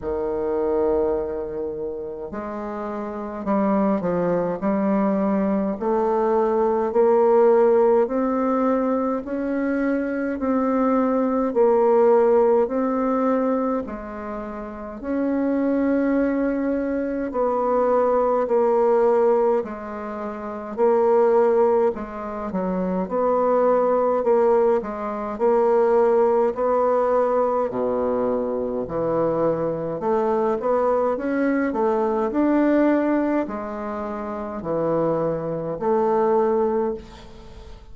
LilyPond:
\new Staff \with { instrumentName = "bassoon" } { \time 4/4 \tempo 4 = 52 dis2 gis4 g8 f8 | g4 a4 ais4 c'4 | cis'4 c'4 ais4 c'4 | gis4 cis'2 b4 |
ais4 gis4 ais4 gis8 fis8 | b4 ais8 gis8 ais4 b4 | b,4 e4 a8 b8 cis'8 a8 | d'4 gis4 e4 a4 | }